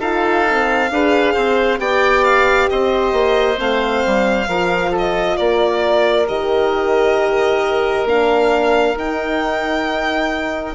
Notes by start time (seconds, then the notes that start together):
0.00 D#4 F4 A4 F5
0.48 C4
0.91 D4 G#4 B4
1.34 C4 C5
1.79 B3 G4 D5 G5
2.25 F5
2.70 C4 C5 D#5
3.13 A#3
3.56 A3 C4 F5
4.06 G3
4.48 F3 F4 A#4
4.91 A4
4.99 D#5
5.37 A#3 A#4 D5
6.28 D#3 G4 D#5
8.05 A#3 D4 F5
8.97 D#4 G5